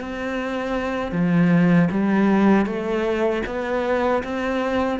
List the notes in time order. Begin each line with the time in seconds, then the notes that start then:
0.00 C4
1.12 F3
1.91 G3
2.65 A3
3.46 B3
4.23 C4